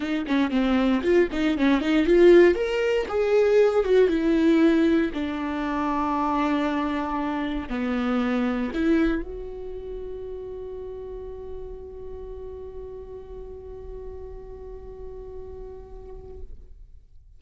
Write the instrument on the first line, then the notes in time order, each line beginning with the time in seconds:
viola
0.00 D#4
0.26 C#4
0.50 C4
1.02 F4
1.32 D#4
1.57 C#4
1.81 D#4
2.05 F4
2.55 A#4
3.08 G#4
3.84 F#4
4.08 E4
5.13 D4
7.69 B3
8.73 E4
9.22 F#4